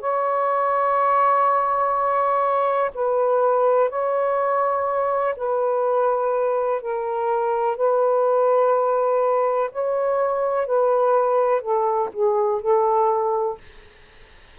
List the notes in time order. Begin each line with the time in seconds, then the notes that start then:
0.00 C#5
2.94 B4
3.89 C#5
5.36 B4
6.82 A#4
7.76 B4
9.72 C#5
10.66 B4
11.61 A4
12.12 G#4
12.61 A4